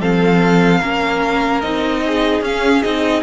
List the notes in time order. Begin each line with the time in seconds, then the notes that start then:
0.00 F3 C4 A4 F5
0.79 A#3 C#4 A#4
1.61 C4 D#4 D#5
2.06 G#4
2.41 C#4 F5
2.83 C4 D#4 D#5